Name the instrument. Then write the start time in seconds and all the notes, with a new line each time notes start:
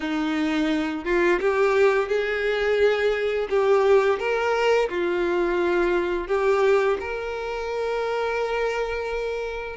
violin
0.00 D#4
1.04 F4
1.40 G4
2.08 G#4
3.49 G4
4.19 A#4
4.89 F4
6.27 G4
7.00 A#4